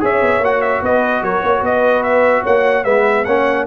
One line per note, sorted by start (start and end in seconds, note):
0.00 0.21 C#4
0.00 0.41 G#4
0.00 0.83 C#5
0.00 0.44 E5
0.21 0.40 B3
0.40 0.80 A#3
0.40 2.84 F#4
0.40 0.61 F#5
0.61 0.82 E5
0.82 1.22 B3
0.82 1.23 B4
0.82 1.23 D#5
1.22 1.42 F#3
1.22 1.43 A#4
1.22 1.64 C#5
1.43 1.61 A#3
1.43 1.66 C#5
1.61 2.42 B3
1.61 2.43 B4
1.61 2.03 D#5
2.03 2.43 E5
2.43 2.85 A#3
2.43 2.83 C#5
2.43 2.84 F#5
2.83 3.26 G#3
2.83 3.25 B3
2.83 3.24 B4
2.83 3.25 E5
3.25 3.67 A#3
3.25 3.67 C#4
3.25 3.66 C#5
3.25 3.65 F#5